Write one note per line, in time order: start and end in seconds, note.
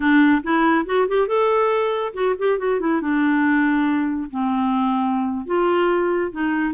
0.00 0.42 D4
0.43 0.85 E4
0.85 1.07 F#4
1.08 1.27 G4
1.27 2.13 A4
2.13 2.35 F#4
2.38 2.58 G4
2.58 2.80 F#4
2.80 3.01 E4
3.01 4.30 D4
4.30 5.46 C4
5.46 6.31 F4
6.31 6.74 D#4